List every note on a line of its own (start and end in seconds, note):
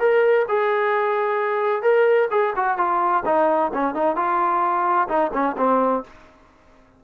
0.00 0.46 A#4
0.48 1.83 G#4
1.83 2.29 A#4
2.31 2.54 G#4
2.56 2.78 F#4
2.78 3.24 F4
3.25 3.72 D#4
3.74 3.95 C#4
3.95 4.16 D#4
4.16 5.08 F4
5.08 5.31 D#4
5.33 5.56 C#4
5.57 6.04 C4